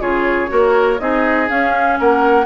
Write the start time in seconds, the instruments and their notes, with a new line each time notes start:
0.00 bassoon C#3, clarinet F4, oboe G#4, flute C#5
0.48 bassoon A#3, clarinet F#4, oboe A#4
0.99 bassoon C4, clarinet D#4, oboe G#4, flute D#5
1.47 clarinet C#4, bassoon C#4, flute F5
1.99 bassoon A#3, oboe A#4, flute F#5